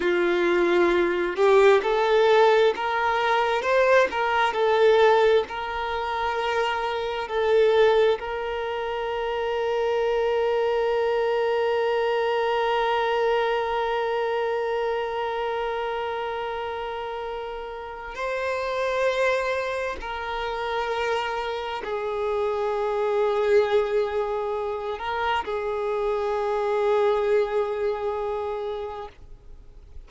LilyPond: \new Staff \with { instrumentName = "violin" } { \time 4/4 \tempo 4 = 66 f'4. g'8 a'4 ais'4 | c''8 ais'8 a'4 ais'2 | a'4 ais'2.~ | ais'1~ |
ais'1 | c''2 ais'2 | gis'2.~ gis'8 ais'8 | gis'1 | }